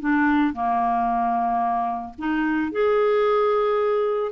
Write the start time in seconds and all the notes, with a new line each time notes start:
0.00 D4
0.53 A#3
2.18 D#4
2.71 G#4